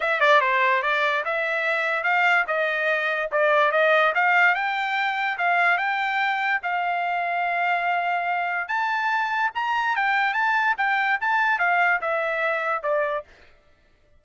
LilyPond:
\new Staff \with { instrumentName = "trumpet" } { \time 4/4 \tempo 4 = 145 e''8 d''8 c''4 d''4 e''4~ | e''4 f''4 dis''2 | d''4 dis''4 f''4 g''4~ | g''4 f''4 g''2 |
f''1~ | f''4 a''2 ais''4 | g''4 a''4 g''4 a''4 | f''4 e''2 d''4 | }